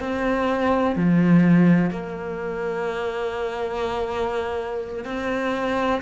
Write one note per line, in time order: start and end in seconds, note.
0.00 0.96 C4
0.96 1.90 F3
1.90 5.05 A#3
5.05 6.01 C4